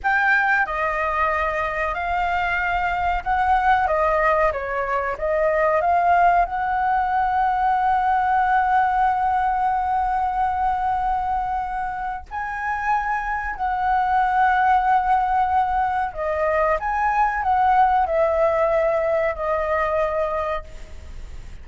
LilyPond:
\new Staff \with { instrumentName = "flute" } { \time 4/4 \tempo 4 = 93 g''4 dis''2 f''4~ | f''4 fis''4 dis''4 cis''4 | dis''4 f''4 fis''2~ | fis''1~ |
fis''2. gis''4~ | gis''4 fis''2.~ | fis''4 dis''4 gis''4 fis''4 | e''2 dis''2 | }